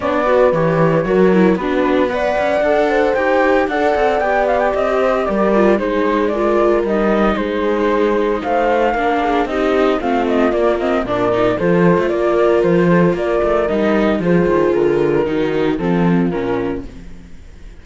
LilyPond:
<<
  \new Staff \with { instrumentName = "flute" } { \time 4/4 \tempo 4 = 114 d''4 cis''2 b'4 | fis''2 g''4 fis''4 | g''8 f''16 g''16 dis''4 d''4 c''4 | d''4 dis''4 c''2 |
f''2 dis''4 f''8 dis''8 | d''8 dis''8 d''4 c''4 d''4 | c''4 d''4 dis''4 c''4 | ais'2 a'4 ais'4 | }
  \new Staff \with { instrumentName = "horn" } { \time 4/4 cis''8 b'4. ais'4 fis'4 | d''4. c''4. d''4~ | d''4. c''8 ais'4 gis'4 | ais'2 gis'2 |
c''4 ais'8 gis'8 g'4 f'4~ | f'4 ais'4 a'4 ais'4~ | ais'8 a'8 ais'2 gis'4~ | gis'4 fis'4 f'2 | }
  \new Staff \with { instrumentName = "viola" } { \time 4/4 d'8 fis'8 g'4 fis'8 e'8 d'4 | b'4 a'4 g'4 a'4 | g'2~ g'8 f'8 dis'4 | f'4 dis'2.~ |
dis'4 d'4 dis'4 c'4 | ais8 c'8 d'8 dis'8 f'2~ | f'2 dis'4 f'4~ | f'4 dis'4 c'4 cis'4 | }
  \new Staff \with { instrumentName = "cello" } { \time 4/4 b4 e4 fis4 b4~ | b8 cis'8 d'4 dis'4 d'8 c'8 | b4 c'4 g4 gis4~ | gis4 g4 gis2 |
a4 ais4 c'4 a4 | ais4 ais,4 f8. a16 ais4 | f4 ais8 a8 g4 f8 dis8 | d4 dis4 f4 ais,4 | }
>>